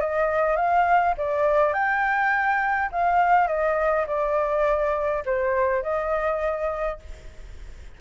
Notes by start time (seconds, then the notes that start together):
0.00 D#5
0.56 F5
1.17 D5
1.73 G5
2.91 F5
3.47 D#5
4.06 D5
5.25 C5
5.82 D#5